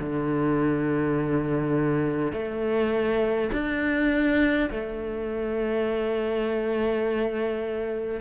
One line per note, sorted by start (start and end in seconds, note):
0.00 2.33 D3
2.33 3.51 A3
3.53 4.71 D4
4.71 8.21 A3